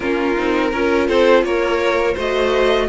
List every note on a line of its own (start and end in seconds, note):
0.00 0.36 A#3
0.00 0.36 C#4
0.00 0.69 F4
0.00 1.07 A#4
0.36 0.72 C4
0.36 0.72 D#4
0.71 1.08 C#4
0.71 2.17 F4
0.71 1.08 A#4
1.07 1.43 C4
1.07 1.44 A4
1.07 1.44 C5
1.43 2.15 A#3
1.43 2.13 A#4
1.43 2.16 C#5
2.13 2.88 A3
2.13 2.88 F#4
2.13 2.86 C5
2.13 2.88 D#5